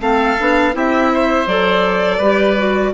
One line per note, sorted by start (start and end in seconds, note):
0.00 0.37 A3
0.00 0.37 C4
0.00 0.75 A4
0.00 0.75 F5
0.39 0.75 B3
0.39 0.72 D4
0.72 1.46 C4
0.72 1.46 E4
0.72 1.12 G4
0.72 1.48 E5
1.13 2.17 C5
1.46 2.19 F#3
1.46 2.21 A4
1.46 2.93 D5
2.17 2.92 G3
2.17 2.57 G4
2.17 2.91 B4
2.57 2.93 F#4